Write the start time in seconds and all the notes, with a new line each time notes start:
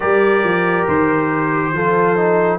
0.00 G3 G4 A#4 D5
0.43 F3
0.87 D#3 C5
1.72 F3 F4 A4
2.16 D#4